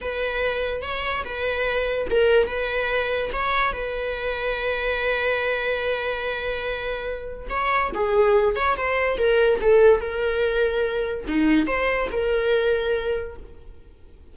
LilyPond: \new Staff \with { instrumentName = "viola" } { \time 4/4 \tempo 4 = 144 b'2 cis''4 b'4~ | b'4 ais'4 b'2 | cis''4 b'2.~ | b'1~ |
b'2 cis''4 gis'4~ | gis'8 cis''8 c''4 ais'4 a'4 | ais'2. dis'4 | c''4 ais'2. | }